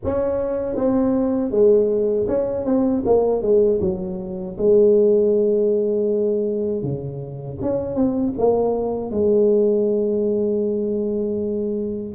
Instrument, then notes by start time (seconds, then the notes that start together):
tuba
0.04 C#4
0.75 C4
1.51 G#3
2.28 C#4
2.65 C4
3.05 A#3
3.42 G#3
3.80 F#3
4.57 G#3
6.82 C#3
7.61 C#4
7.95 C4
8.38 A#3
9.10 G#3